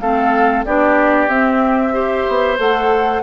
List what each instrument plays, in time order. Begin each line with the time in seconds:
0.00 bassoon A3, clarinet C4, oboe A4, flute F5
0.65 bassoon B3, clarinet D4, oboe G4, flute D5
1.28 bassoon C4, clarinet C4, flute E5
1.92 clarinet G4, oboe C5
2.28 bassoon B3
2.58 bassoon A3, clarinet A4, flute F#5